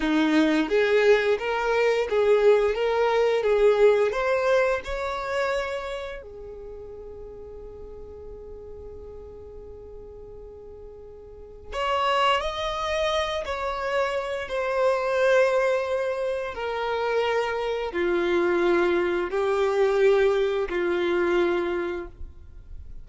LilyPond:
\new Staff \with { instrumentName = "violin" } { \time 4/4 \tempo 4 = 87 dis'4 gis'4 ais'4 gis'4 | ais'4 gis'4 c''4 cis''4~ | cis''4 gis'2.~ | gis'1~ |
gis'4 cis''4 dis''4. cis''8~ | cis''4 c''2. | ais'2 f'2 | g'2 f'2 | }